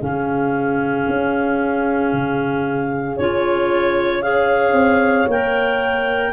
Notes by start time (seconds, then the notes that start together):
0.00 C#3 C#4 G#4 F5
1.08 C#4
2.12 C#3
3.16 C#4 F4 C#5
4.22 G#4 C#5 F5
4.72 C4
5.27 A#3 A#4 G5